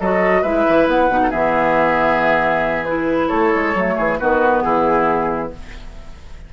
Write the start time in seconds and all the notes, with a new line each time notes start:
0.00 F#3 F#4 A4 D#5
0.42 G#3 E4 B4 E5
0.69 E3
0.87 B3 F#5
1.10 B2 D#4
1.23 A4
1.30 E3 B3 G#4 E5
2.85 E4 B4
3.28 A3 A4 C#5
3.55 G#3
3.75 F#3 A3
3.97 E3 G#4
4.18 D#3 B3 F#4 B4
4.62 E3 E4 G#4